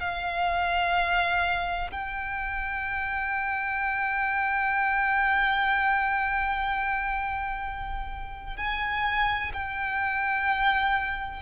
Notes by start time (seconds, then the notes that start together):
0.00 F5
1.91 G5
8.57 G#5
9.53 G5